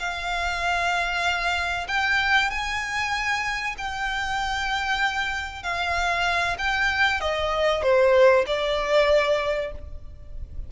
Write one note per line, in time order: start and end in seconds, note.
0.00 1.88 F5
1.88 2.51 G5
2.51 3.76 G#5
3.78 5.64 G5
5.64 6.57 F5
6.59 7.21 G5
7.21 7.83 D#5
7.83 8.45 C5
8.47 9.72 D5